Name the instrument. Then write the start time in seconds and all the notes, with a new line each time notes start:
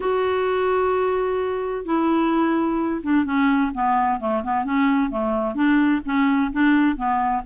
clarinet
0.00 F#4
1.85 E4
3.03 D4
3.25 C#4
3.74 B3
4.20 A3
4.43 B3
4.64 C#4
5.10 A3
5.55 D4
6.05 C#4
6.52 D4
6.96 B3